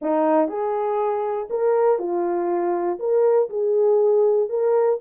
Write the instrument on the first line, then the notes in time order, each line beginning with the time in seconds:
horn
0.01 D#4
0.48 G#4
1.50 A#4
1.98 F4
2.99 A#4
3.49 G#4
4.49 A#4